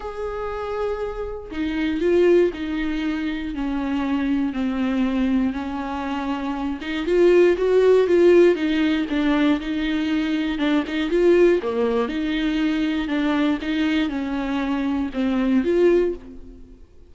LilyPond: \new Staff \with { instrumentName = "viola" } { \time 4/4 \tempo 4 = 119 gis'2. dis'4 | f'4 dis'2 cis'4~ | cis'4 c'2 cis'4~ | cis'4. dis'8 f'4 fis'4 |
f'4 dis'4 d'4 dis'4~ | dis'4 d'8 dis'8 f'4 ais4 | dis'2 d'4 dis'4 | cis'2 c'4 f'4 | }